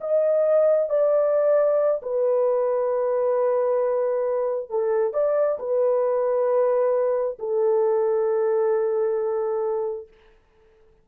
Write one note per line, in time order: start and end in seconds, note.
0.00 0.89 D#5
0.89 2.01 D5
2.02 4.69 B4
4.69 5.13 A4
5.13 5.58 D5
5.59 7.38 B4
7.38 10.07 A4